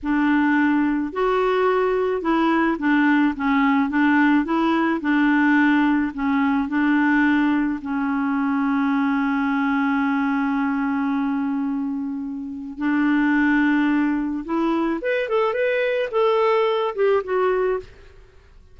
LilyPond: \new Staff \with { instrumentName = "clarinet" } { \time 4/4 \tempo 4 = 108 d'2 fis'2 | e'4 d'4 cis'4 d'4 | e'4 d'2 cis'4 | d'2 cis'2~ |
cis'1~ | cis'2. d'4~ | d'2 e'4 b'8 a'8 | b'4 a'4. g'8 fis'4 | }